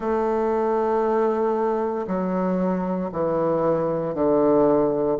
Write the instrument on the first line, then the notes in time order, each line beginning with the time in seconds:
bassoon
0.00 A3
2.07 F#3
3.11 E3
4.14 D3